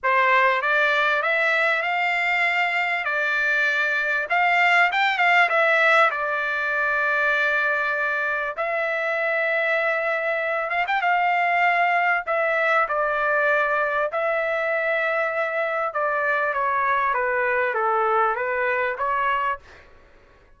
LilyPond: \new Staff \with { instrumentName = "trumpet" } { \time 4/4 \tempo 4 = 98 c''4 d''4 e''4 f''4~ | f''4 d''2 f''4 | g''8 f''8 e''4 d''2~ | d''2 e''2~ |
e''4. f''16 g''16 f''2 | e''4 d''2 e''4~ | e''2 d''4 cis''4 | b'4 a'4 b'4 cis''4 | }